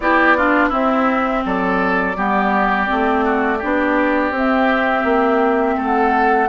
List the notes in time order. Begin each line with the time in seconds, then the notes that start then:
0.00 B3 E4 G4 D5
0.37 D4 F4
0.68 C4 E4 E5
1.45 F#3 A4 D5
2.16 G3 B3 G4
2.86 A3 C4
3.24 F#4
3.58 B3 D4 G4
4.31 C4 E5
5.04 A#3
5.77 A3 A4 F#5